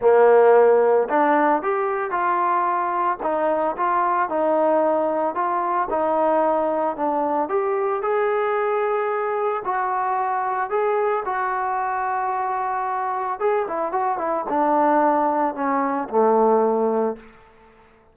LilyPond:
\new Staff \with { instrumentName = "trombone" } { \time 4/4 \tempo 4 = 112 ais2 d'4 g'4 | f'2 dis'4 f'4 | dis'2 f'4 dis'4~ | dis'4 d'4 g'4 gis'4~ |
gis'2 fis'2 | gis'4 fis'2.~ | fis'4 gis'8 e'8 fis'8 e'8 d'4~ | d'4 cis'4 a2 | }